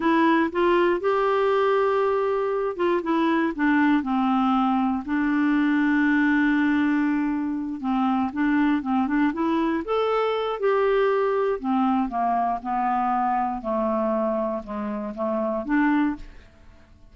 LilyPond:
\new Staff \with { instrumentName = "clarinet" } { \time 4/4 \tempo 4 = 119 e'4 f'4 g'2~ | g'4. f'8 e'4 d'4 | c'2 d'2~ | d'2.~ d'8 c'8~ |
c'8 d'4 c'8 d'8 e'4 a'8~ | a'4 g'2 c'4 | ais4 b2 a4~ | a4 gis4 a4 d'4 | }